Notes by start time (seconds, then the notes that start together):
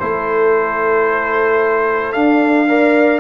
0.00 A3 E4 A4 C5
2.13 D4 F5
2.69 A#4 D5